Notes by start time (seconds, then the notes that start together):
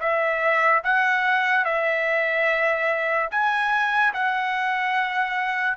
0.00 E5
0.84 F#5
1.65 E5
3.31 G#5
4.14 F#5